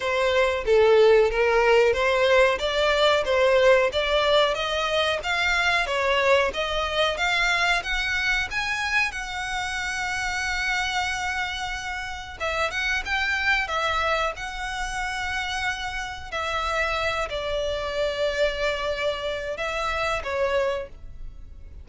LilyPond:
\new Staff \with { instrumentName = "violin" } { \time 4/4 \tempo 4 = 92 c''4 a'4 ais'4 c''4 | d''4 c''4 d''4 dis''4 | f''4 cis''4 dis''4 f''4 | fis''4 gis''4 fis''2~ |
fis''2. e''8 fis''8 | g''4 e''4 fis''2~ | fis''4 e''4. d''4.~ | d''2 e''4 cis''4 | }